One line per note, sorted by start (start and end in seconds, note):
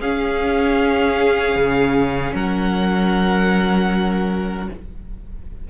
0.00 1.56 C#4
0.00 4.70 C#4
0.00 2.34 G#4
0.00 2.35 F5
1.56 2.34 C#3
2.35 4.68 F#3
2.35 4.68 A#4
2.35 4.69 F#5